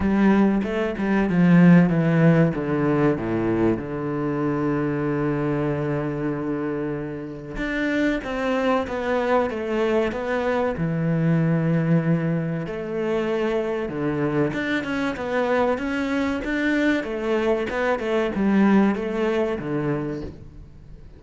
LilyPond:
\new Staff \with { instrumentName = "cello" } { \time 4/4 \tempo 4 = 95 g4 a8 g8 f4 e4 | d4 a,4 d2~ | d1 | d'4 c'4 b4 a4 |
b4 e2. | a2 d4 d'8 cis'8 | b4 cis'4 d'4 a4 | b8 a8 g4 a4 d4 | }